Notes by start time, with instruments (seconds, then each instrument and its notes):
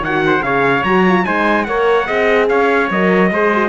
0.00 cello D#3, trumpet C#5 F#5
0.07 horn F#4
0.26 trumpet C5
0.42 cello C#3, horn G#4, trumpet C#5 F5
0.84 cello F#3, horn F#4, trumpet A#5
1.07 horn F4
1.24 cello G#3, horn D#4, trumpet C5 G#5
1.64 cello A#3, horn A#4, trumpet C#5 F#5
2.06 cello C4, horn G#4, trumpet D#5
2.48 cello C#4, trumpet C#5 F5
2.90 cello F#3, horn A#4, trumpet D#5
3.31 cello G#3, horn G#4, trumpet C5
3.53 horn F#4